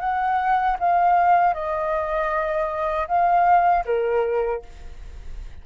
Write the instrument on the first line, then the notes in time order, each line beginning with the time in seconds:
flute
0.00 F#5
0.79 F5
1.53 D#5
3.08 F5
3.85 A#4